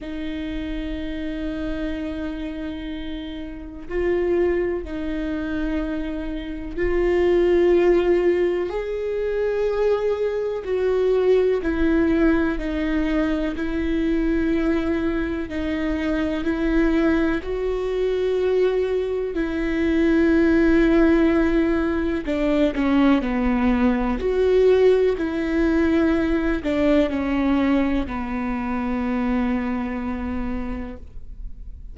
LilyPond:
\new Staff \with { instrumentName = "viola" } { \time 4/4 \tempo 4 = 62 dis'1 | f'4 dis'2 f'4~ | f'4 gis'2 fis'4 | e'4 dis'4 e'2 |
dis'4 e'4 fis'2 | e'2. d'8 cis'8 | b4 fis'4 e'4. d'8 | cis'4 b2. | }